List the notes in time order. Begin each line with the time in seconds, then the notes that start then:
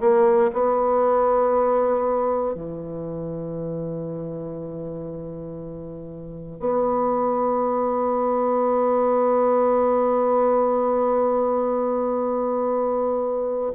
0.00 A#3
0.53 B3
2.55 E3
6.60 B3